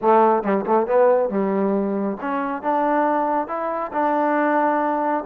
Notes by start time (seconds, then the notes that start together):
0.01 A3
0.43 G3
0.66 A3
0.86 B3
1.29 G3
2.20 C#4
2.62 D4
3.47 E4
3.93 D4